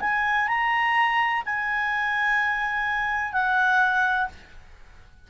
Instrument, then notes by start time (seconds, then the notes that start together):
clarinet
0.00 G#5
0.47 A#5
1.45 G#5
3.32 F#5